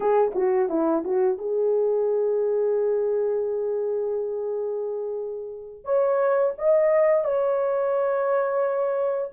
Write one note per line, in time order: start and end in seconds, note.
0.00 0.31 G#4
0.34 0.69 F#4
0.69 1.03 E4
1.04 1.38 F#4
1.38 5.84 G#4
5.84 6.53 C#5
6.58 7.24 D#5
7.24 9.31 C#5